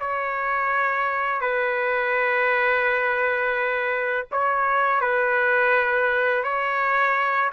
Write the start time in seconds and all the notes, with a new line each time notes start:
0.00 C#5
1.41 B4
4.31 C#5
5.01 B4
6.44 C#5